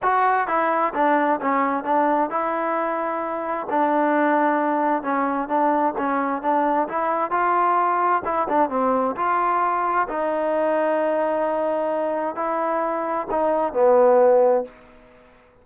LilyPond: \new Staff \with { instrumentName = "trombone" } { \time 4/4 \tempo 4 = 131 fis'4 e'4 d'4 cis'4 | d'4 e'2. | d'2. cis'4 | d'4 cis'4 d'4 e'4 |
f'2 e'8 d'8 c'4 | f'2 dis'2~ | dis'2. e'4~ | e'4 dis'4 b2 | }